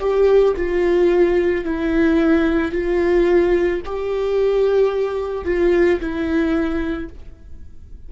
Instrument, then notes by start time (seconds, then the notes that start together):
viola
0.00 G4
0.57 F4
1.65 E4
2.72 F4
3.86 G4
5.45 F4
6.00 E4